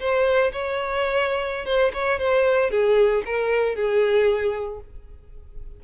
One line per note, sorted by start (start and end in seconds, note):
0.00 0.52 C5
0.52 1.66 C#5
1.66 1.92 C5
1.94 2.19 C#5
2.19 2.71 C5
2.71 3.23 G#4
3.26 3.76 A#4
3.76 4.80 G#4